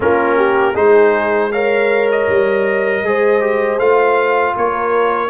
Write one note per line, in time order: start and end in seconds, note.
0.00 0.75 A#3
0.00 0.73 C#4
0.00 0.36 F4
0.00 0.76 A#4
0.36 0.74 G4
0.75 2.27 G#3
0.75 1.51 D#4
0.75 1.51 G#4
0.75 1.51 C5
1.51 3.05 A#4
1.51 3.03 C#5
1.51 2.08 F5
2.11 3.79 D#5
2.28 3.02 G3
3.02 3.78 G#3
3.02 3.40 G#4
3.02 4.55 C5
3.40 3.78 G4
3.78 4.54 A3
3.78 5.29 F4
3.78 4.55 F5
4.55 5.29 A#3
4.55 5.29 A#4
4.55 5.29 C#5